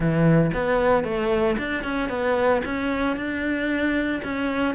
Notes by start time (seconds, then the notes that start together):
0.00 E3
0.53 B3
1.04 A3
1.57 D4
1.83 C#4
2.09 B3
2.64 C#4
3.16 D4
4.23 C#4